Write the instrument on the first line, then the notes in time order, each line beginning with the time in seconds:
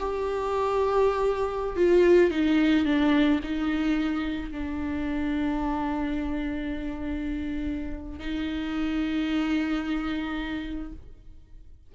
viola
0.00 G4
1.77 F4
2.31 D#4
2.86 D4
3.43 D#4
4.51 D4
8.19 D#4